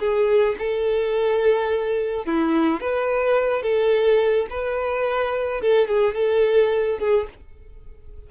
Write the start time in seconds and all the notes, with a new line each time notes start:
0.00 G#4
0.59 A4
2.26 E4
2.81 B4
3.63 A4
4.51 B4
5.62 A4
5.89 G#4
6.15 A4
6.99 G#4